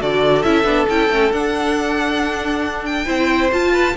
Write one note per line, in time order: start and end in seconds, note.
0.00 0.44 D3
0.00 0.44 F#4
0.00 3.05 A4
0.00 0.42 D5
0.42 0.64 C#4
0.42 0.64 E4
0.42 0.86 E5
0.64 0.86 B3
0.64 0.86 D4
0.89 1.09 C#4
0.89 1.10 E4
0.89 1.32 G5
1.09 1.31 A3
1.09 1.32 C#4
1.32 3.07 D4
1.32 3.05 D4
1.32 2.85 F#5
2.85 3.50 G5
3.05 3.51 C4
3.05 3.49 E4
3.05 3.70 C5
3.52 3.96 F4
3.52 3.96 A5
3.72 3.94 B4